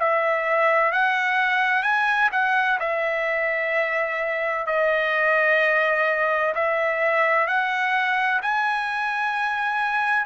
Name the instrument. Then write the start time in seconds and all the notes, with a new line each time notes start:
trumpet
0.00 E5
0.92 F#5
1.83 G#5
2.32 F#5
2.80 E5
4.67 D#5
6.55 E5
7.47 F#5
8.42 G#5